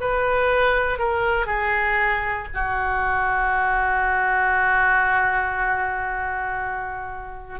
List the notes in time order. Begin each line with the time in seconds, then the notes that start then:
0.00 B4
0.98 A#4
1.46 G#4
2.53 F#4